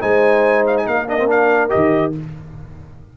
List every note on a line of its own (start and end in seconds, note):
0.00 0.87 G#3
0.00 1.06 D#4
0.00 0.85 C5
0.00 0.65 G#5
0.66 0.77 F5
0.77 0.87 G#5
0.87 1.72 A#3
0.87 2.14 A#4
0.87 1.08 F5
1.07 1.17 D4
1.07 1.30 D#5
1.19 1.27 C4
1.27 1.69 D4
1.27 1.70 F5
1.69 2.17 D#3
1.69 2.12 G4
1.69 2.12 D#5